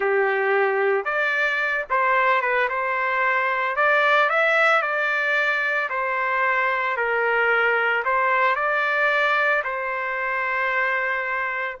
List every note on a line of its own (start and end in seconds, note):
0.00 1.04 G4
1.04 1.85 D5
1.89 2.41 C5
2.41 2.68 B4
2.69 3.75 C5
3.75 4.29 D5
4.29 4.82 E5
4.82 5.89 D5
5.89 6.96 C5
6.96 8.03 A#4
8.05 8.55 C5
8.55 9.62 D5
9.64 11.78 C5